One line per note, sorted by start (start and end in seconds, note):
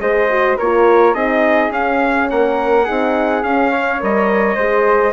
0.00 0.57 G#3
0.00 0.29 G#4
0.00 0.58 C5
0.00 0.58 D#5
0.30 0.59 F#4
0.58 1.14 A#3
0.58 1.15 F4
0.58 1.15 A#4
0.58 1.15 C#5
1.14 1.70 C4
1.14 1.72 D#4
1.14 2.29 G#4
1.14 1.72 D#5
1.70 2.27 C#4
1.70 2.87 C#4
1.70 2.30 F5
2.30 2.88 A#3
2.30 2.84 A#4
2.30 3.44 F#5
2.84 3.44 D#4
2.84 3.70 G#4
2.91 3.44 C4
3.44 4.01 C#4
3.44 4.00 C#4
3.44 4.01 F5
3.71 4.56 C#5
4.00 4.56 G3
4.00 4.57 A#4
4.00 5.13 D#5
4.56 5.13 G#3
4.56 5.13 G#4
4.56 5.13 C5